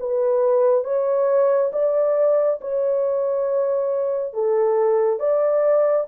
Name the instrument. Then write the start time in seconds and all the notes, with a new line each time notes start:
horn
0.00 B4
0.84 C#5
1.73 D5
2.61 C#5
4.33 A4
5.19 D5